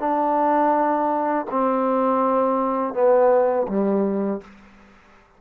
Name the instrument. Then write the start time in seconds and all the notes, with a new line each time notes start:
trombone
0.00 D4
1.51 C4
2.94 B3
3.68 G3